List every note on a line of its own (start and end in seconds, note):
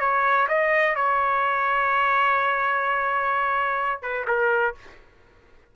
0.00 0.47 C#5
0.48 0.95 D#5
0.95 4.02 C#5
4.02 4.26 B4
4.27 4.75 A#4